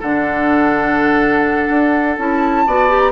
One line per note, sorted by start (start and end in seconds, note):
0.00 1.69 D3
0.00 2.19 D4
0.00 2.64 A4
0.00 2.18 F#5
1.69 2.17 D4
2.18 2.66 C#4
2.18 2.67 E4
2.18 2.99 A5
2.66 3.12 B3
2.66 2.89 F#4
2.66 3.12 D5
2.89 3.12 G4
2.99 3.11 A#5